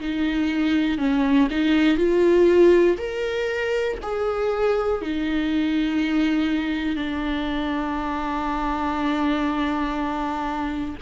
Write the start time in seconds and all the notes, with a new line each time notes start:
0.00 D#4
0.97 C#4
1.50 D#4
1.97 F4
2.97 A#4
4.02 G#4
5.01 D#4
6.95 D4